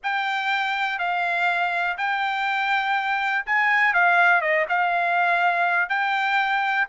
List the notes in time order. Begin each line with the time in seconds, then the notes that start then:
0.03 G5
0.98 F5
1.97 G5
3.46 G#5
3.93 F5
4.41 D#5
4.68 F5
5.89 G5